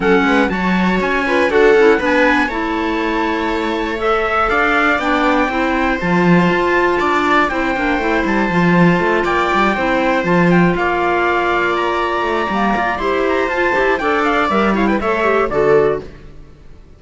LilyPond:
<<
  \new Staff \with { instrumentName = "trumpet" } { \time 4/4 \tempo 4 = 120 fis''4 a''4 gis''4 fis''4 | gis''4 a''2. | e''4 f''4 g''2 | a''2. g''4~ |
g''8 a''2 g''4.~ | g''8 a''8 g''8 f''2 ais''8~ | ais''2 c'''8 ais''8 a''4 | g''8 f''8 e''8 f''16 g''16 e''4 d''4 | }
  \new Staff \with { instrumentName = "viola" } { \time 4/4 a'8 b'8 cis''4. b'8 a'4 | b'4 cis''2.~ | cis''4 d''2 c''4~ | c''2 d''4 c''4~ |
c''2~ c''8 d''4 c''8~ | c''4. d''2~ d''8~ | d''2 c''2 | d''4. cis''16 b'16 cis''4 a'4 | }
  \new Staff \with { instrumentName = "clarinet" } { \time 4/4 cis'4 fis'4. f'8 fis'8 e'8 | d'4 e'2. | a'2 d'4 e'4 | f'2. e'8 d'8 |
e'4 f'2~ f'8 e'8~ | e'8 f'2.~ f'8~ | f'4 ais4 g'4 f'8 g'8 | a'4 ais'8 e'8 a'8 g'8 fis'4 | }
  \new Staff \with { instrumentName = "cello" } { \time 4/4 fis8 gis8 fis4 cis'4 d'8 cis'8 | b4 a2.~ | a4 d'4 b4 c'4 | f4 f'4 d'4 c'8 ais8 |
a8 g8 f4 a8 ais8 g8 c'8~ | c'8 f4 ais2~ ais8~ | ais8 a8 g8 f'8 e'4 f'8 e'8 | d'4 g4 a4 d4 | }
>>